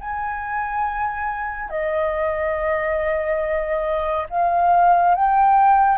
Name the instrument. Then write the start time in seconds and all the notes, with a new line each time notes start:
flute
0.00 G#5
1.69 D#5
4.29 F5
5.15 G5